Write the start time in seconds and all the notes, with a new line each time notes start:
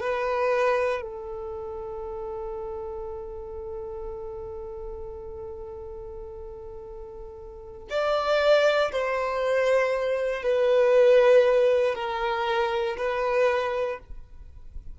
0.00 B4
1.01 A4
7.90 D5
8.92 C5
10.42 B4
11.94 A#4
12.97 B4